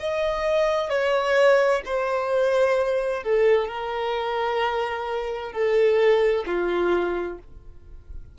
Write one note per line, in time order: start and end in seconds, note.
0.00 0.90 D#5
0.90 1.83 C#5
1.86 3.24 C5
3.24 3.68 A4
3.68 5.53 A#4
5.53 6.45 A4
6.47 7.39 F4